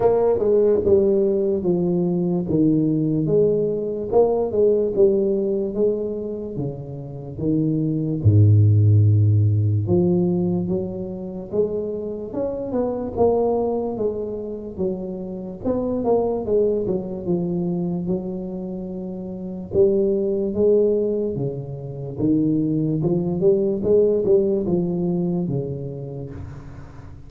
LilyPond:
\new Staff \with { instrumentName = "tuba" } { \time 4/4 \tempo 4 = 73 ais8 gis8 g4 f4 dis4 | gis4 ais8 gis8 g4 gis4 | cis4 dis4 gis,2 | f4 fis4 gis4 cis'8 b8 |
ais4 gis4 fis4 b8 ais8 | gis8 fis8 f4 fis2 | g4 gis4 cis4 dis4 | f8 g8 gis8 g8 f4 cis4 | }